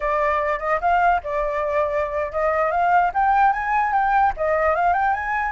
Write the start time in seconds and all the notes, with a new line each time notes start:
0.00 D5
0.59 D#5
0.81 F5
1.23 D5
2.32 D#5
2.71 F5
3.13 G5
3.52 G#5
3.92 G5
4.36 D#5
4.75 F5
4.93 G5
5.13 G#5